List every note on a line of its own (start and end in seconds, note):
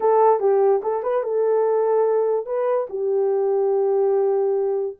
0.00 0.39 A4
0.39 0.81 G4
0.82 1.02 A4
1.02 1.23 B4
1.23 2.45 A4
2.45 2.87 B4
2.89 4.96 G4